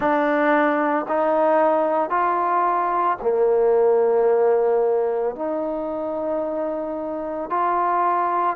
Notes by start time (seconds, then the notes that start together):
0.00 D4
1.08 D#4
2.09 F4
3.21 A#3
5.35 D#4
7.50 F4